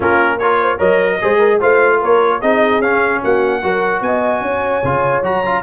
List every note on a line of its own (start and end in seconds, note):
0.00 0.79 A#3
0.00 0.39 C#4
0.00 0.40 F4
0.00 0.38 A#4
0.38 0.78 F4
0.38 0.60 A#4
0.38 0.79 C#5
0.61 0.77 C5
0.77 1.19 F#3
0.77 1.18 A#4
0.77 1.17 C#5
0.77 1.60 D#5
1.21 1.62 G#3
1.21 1.60 G#4
1.21 1.38 C5
1.38 1.58 A#4
1.60 2.02 A3
1.60 2.41 F4
1.60 2.00 C5
1.60 2.01 F5
2.01 2.42 A#3
2.01 2.41 A#4
2.01 2.41 C#5
2.41 2.79 C4
2.41 2.82 D#4
2.41 3.22 G#4
2.41 2.81 D#5
2.79 3.20 C#4
2.79 3.62 C#4
2.79 3.21 F5
3.23 3.63 A#3
3.23 3.63 F#4
3.23 4.02 F#5
3.62 4.01 F#3
3.62 4.83 F#4
3.62 4.04 A#4
4.01 4.41 B3
4.01 4.43 D#5
4.01 5.23 G#5
4.41 4.81 C#4
4.41 5.62 C#5
4.83 5.22 C#3
4.83 5.23 F4
5.22 5.62 F#3
5.22 5.43 F#4
5.22 5.62 A#5
5.45 5.62 F4